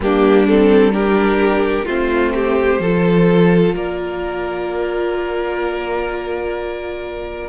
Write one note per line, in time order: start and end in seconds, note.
0.00 1.84 G3
0.00 0.48 A#3
0.00 0.92 D4
0.00 0.47 G4
0.47 0.92 C4
0.47 0.93 A4
0.92 1.86 D4
0.92 1.85 G4
0.92 1.86 A#4
1.85 2.79 A3
1.85 2.81 C4
1.85 2.32 F4
1.85 3.76 C5
2.34 2.81 G4
2.79 3.73 F3
2.79 7.48 F4
2.79 3.75 A4
3.73 7.48 A#3
3.73 7.48 A#4
3.73 7.48 D5